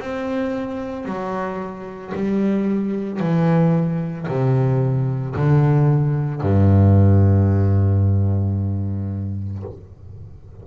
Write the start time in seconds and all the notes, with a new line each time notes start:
0.00 C4
1.06 F#3
2.15 G3
3.20 E3
4.29 C3
5.36 D3
6.42 G2